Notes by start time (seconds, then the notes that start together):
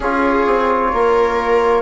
0.00 C#4 F4 G#4 C#5
0.46 C4
0.92 A#3 A#4